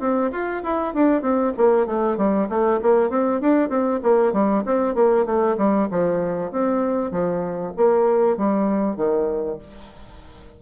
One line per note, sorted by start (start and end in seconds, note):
0.00 0.31 C4
0.32 0.63 F4
0.63 0.94 E4
0.94 1.22 D4
1.22 1.53 C4
1.57 1.87 A#3
1.87 2.17 A3
2.17 2.48 G3
2.49 2.80 A3
2.82 3.10 A#3
3.10 3.41 C4
3.41 3.69 D4
3.69 4.00 C4
4.03 4.33 A#3
4.33 4.64 G3
4.66 4.95 C4
4.95 5.26 A#3
5.26 5.57 A3
5.58 5.89 G3
5.91 6.52 F3
6.52 7.11 C4
7.11 7.73 F3
7.77 8.38 A#3
8.38 8.97 G3
8.97 9.58 D#3